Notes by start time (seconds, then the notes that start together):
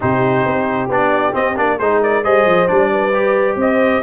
0.00 C3 D#4 G4 C5
0.45 C4
0.88 B3 D4 D5
1.32 C4 D#5
1.56 A#3 D4 D5
1.78 G#3 D#4 G#4 C5
2.01 A#4 D5
2.23 G3 G#4 C5 D#5
2.46 F3
2.67 G3 D4 D5
2.90 B4
3.13 G4
3.56 C4 C5 D#5